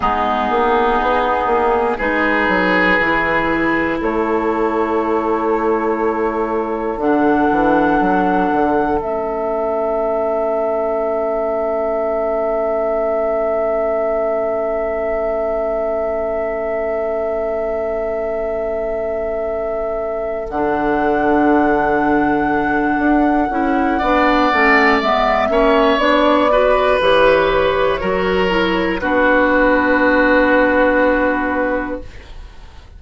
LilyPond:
<<
  \new Staff \with { instrumentName = "flute" } { \time 4/4 \tempo 4 = 60 gis'2 b'2 | cis''2. fis''4~ | fis''4 e''2.~ | e''1~ |
e''1~ | e''8 fis''2.~ fis''8~ | fis''4 e''4 d''4 cis''4~ | cis''4 b'2. | }
  \new Staff \with { instrumentName = "oboe" } { \time 4/4 dis'2 gis'2 | a'1~ | a'1~ | a'1~ |
a'1~ | a'1 | d''4. cis''4 b'4. | ais'4 fis'2. | }
  \new Staff \with { instrumentName = "clarinet" } { \time 4/4 b2 dis'4 e'4~ | e'2. d'4~ | d'4 cis'2.~ | cis'1~ |
cis'1~ | cis'8 d'2. e'8 | d'8 cis'8 b8 cis'8 d'8 fis'8 g'4 | fis'8 e'8 d'2. | }
  \new Staff \with { instrumentName = "bassoon" } { \time 4/4 gis8 ais8 b8 ais8 gis8 fis8 e4 | a2. d8 e8 | fis8 d8 a2.~ | a1~ |
a1~ | a8 d2~ d8 d'8 cis'8 | b8 a8 gis8 ais8 b4 e4 | fis4 b2. | }
>>